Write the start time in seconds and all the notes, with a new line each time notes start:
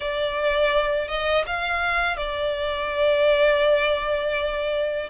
0.00 D5
1.08 D#5
1.46 F5
2.17 D5